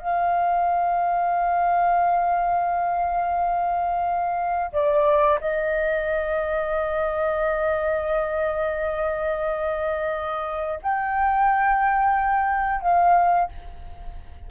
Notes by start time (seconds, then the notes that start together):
0.00 F5
4.72 D5
5.41 D#5
10.83 G5
12.82 F5